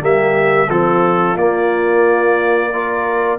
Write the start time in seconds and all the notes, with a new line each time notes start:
0.00 G3 A#3 G4 E5
0.70 F3 C4 F4 A4
1.36 A#3 D5
2.73 F4 A#4